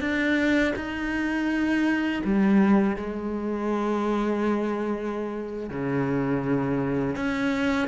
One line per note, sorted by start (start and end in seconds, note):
0.00 0.73 D4
0.76 2.22 D#4
2.24 2.96 G3
2.96 5.70 G#3
5.70 7.16 C#3
7.16 7.88 C#4